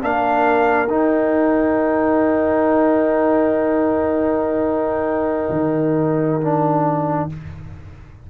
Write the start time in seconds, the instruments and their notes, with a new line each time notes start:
0.00 tuba A#3, trombone D4, horn A#4, trumpet F5
0.87 tuba D#4, trombone D#4, trumpet G5
5.50 tuba D#3
6.42 trombone D4